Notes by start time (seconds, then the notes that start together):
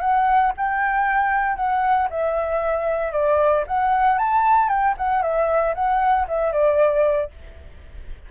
0.00 F#5
0.57 G5
1.56 F#5
2.10 E5
3.12 D5
3.67 F#5
4.18 A5
4.69 G5
4.97 F#5
5.22 E5
5.74 F#5
6.28 E5
6.52 D5